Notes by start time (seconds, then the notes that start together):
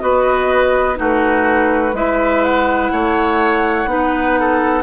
0.00 B3 F#4 B4 D#5
0.95 A3 D#4 F#4 B4
1.93 G#3 E4 B4 E5
2.44 F#5
2.92 A3 C#5
3.86 B3 D#4 B4
4.40 A4